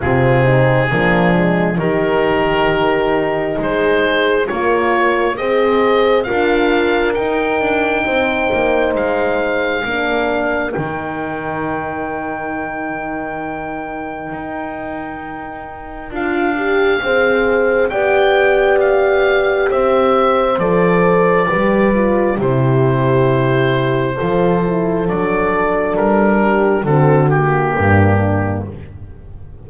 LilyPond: <<
  \new Staff \with { instrumentName = "oboe" } { \time 4/4 \tempo 4 = 67 gis'2 ais'2 | c''4 cis''4 dis''4 f''4 | g''2 f''2 | g''1~ |
g''2 f''2 | g''4 f''4 e''4 d''4~ | d''4 c''2. | d''4 ais'4 a'8 g'4. | }
  \new Staff \with { instrumentName = "horn" } { \time 4/4 f'8 dis'8 d'4 g'2 | gis'4 ais'4 c''4 ais'4~ | ais'4 c''2 ais'4~ | ais'1~ |
ais'2. c''4 | d''2 c''2 | b'4 g'2 a'4~ | a'4. g'8 fis'4 d'4 | }
  \new Staff \with { instrumentName = "horn" } { \time 4/4 c'4 ais8 gis8 dis'2~ | dis'4 f'4 gis'4 f'4 | dis'2. d'4 | dis'1~ |
dis'2 f'8 g'8 gis'4 | g'2. a'4 | g'8 f'8 e'2 f'8 e'8 | d'2 c'8 ais4. | }
  \new Staff \with { instrumentName = "double bass" } { \time 4/4 c4 f4 dis2 | gis4 ais4 c'4 d'4 | dis'8 d'8 c'8 ais8 gis4 ais4 | dis1 |
dis'2 d'4 c'4 | b2 c'4 f4 | g4 c2 f4 | fis4 g4 d4 g,4 | }
>>